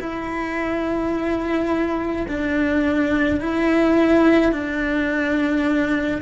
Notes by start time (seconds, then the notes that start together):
0.00 E4
2.28 D4
3.41 E4
4.52 D4